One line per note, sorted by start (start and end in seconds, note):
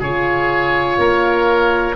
0.00 0.98 C#3
0.00 1.96 F4
0.00 0.97 G#4
0.00 1.96 C#5
0.98 1.95 A#3
0.98 1.96 A#4